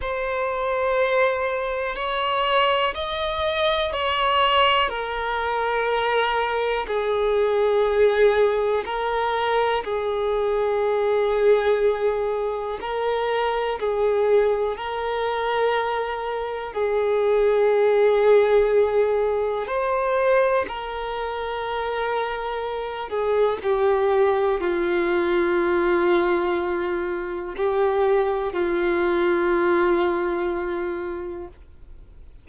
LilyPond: \new Staff \with { instrumentName = "violin" } { \time 4/4 \tempo 4 = 61 c''2 cis''4 dis''4 | cis''4 ais'2 gis'4~ | gis'4 ais'4 gis'2~ | gis'4 ais'4 gis'4 ais'4~ |
ais'4 gis'2. | c''4 ais'2~ ais'8 gis'8 | g'4 f'2. | g'4 f'2. | }